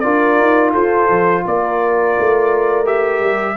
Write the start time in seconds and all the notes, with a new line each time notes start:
0.00 D4 F4 A#4 D5
0.40 D#4
0.72 F4 A4 C5
1.10 F3
1.45 A#3 A#4 D5
2.19 A3
2.85 G4 E5
3.21 G3